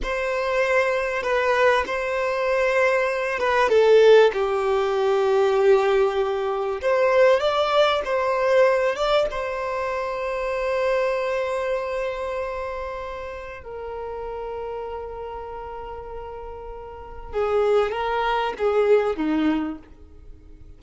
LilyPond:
\new Staff \with { instrumentName = "violin" } { \time 4/4 \tempo 4 = 97 c''2 b'4 c''4~ | c''4. b'8 a'4 g'4~ | g'2. c''4 | d''4 c''4. d''8 c''4~ |
c''1~ | c''2 ais'2~ | ais'1 | gis'4 ais'4 gis'4 dis'4 | }